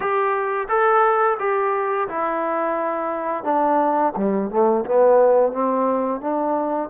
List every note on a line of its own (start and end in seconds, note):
0.00 0.67 G4
0.68 1.37 A4
1.39 2.08 G4
2.08 3.44 E4
3.44 4.13 D4
4.16 4.50 G3
4.50 4.84 A3
4.85 5.52 B3
5.52 6.20 C4
6.20 6.89 D4